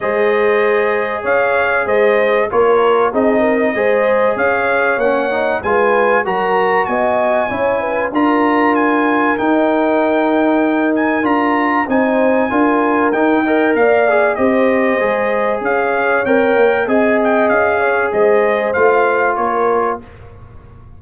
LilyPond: <<
  \new Staff \with { instrumentName = "trumpet" } { \time 4/4 \tempo 4 = 96 dis''2 f''4 dis''4 | cis''4 dis''2 f''4 | fis''4 gis''4 ais''4 gis''4~ | gis''4 ais''4 gis''4 g''4~ |
g''4. gis''8 ais''4 gis''4~ | gis''4 g''4 f''4 dis''4~ | dis''4 f''4 g''4 gis''8 g''8 | f''4 dis''4 f''4 cis''4 | }
  \new Staff \with { instrumentName = "horn" } { \time 4/4 c''2 cis''4 c''4 | ais'4 gis'8 ais'8 c''4 cis''4~ | cis''4 b'4 ais'4 dis''4 | cis''8 b'8 ais'2.~ |
ais'2. c''4 | ais'4. dis''8 d''4 c''4~ | c''4 cis''2 dis''4~ | dis''8 cis''8 c''2 ais'4 | }
  \new Staff \with { instrumentName = "trombone" } { \time 4/4 gis'1 | f'4 dis'4 gis'2 | cis'8 dis'8 f'4 fis'2 | e'4 f'2 dis'4~ |
dis'2 f'4 dis'4 | f'4 dis'8 ais'4 gis'8 g'4 | gis'2 ais'4 gis'4~ | gis'2 f'2 | }
  \new Staff \with { instrumentName = "tuba" } { \time 4/4 gis2 cis'4 gis4 | ais4 c'4 gis4 cis'4 | ais4 gis4 fis4 b4 | cis'4 d'2 dis'4~ |
dis'2 d'4 c'4 | d'4 dis'4 ais4 c'4 | gis4 cis'4 c'8 ais8 c'4 | cis'4 gis4 a4 ais4 | }
>>